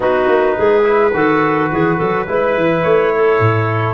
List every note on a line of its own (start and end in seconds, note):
0.00 0.27 B3
0.00 0.83 D#4
0.00 0.56 F#4
0.00 2.82 B4
0.27 0.55 A#3
0.56 1.14 G#3
0.56 1.13 G#4
0.83 1.11 E4
1.14 1.70 D#3
1.14 2.27 F#4
1.14 1.71 A4
1.71 2.00 E3
1.71 1.96 G#4
1.96 2.28 F#3
1.96 2.25 A4
2.27 2.56 G#3
2.27 3.94 E4
2.27 3.14 B4
2.56 2.84 E3
2.82 3.39 A3
2.82 3.94 C#5
3.15 3.94 A4
3.39 3.94 A2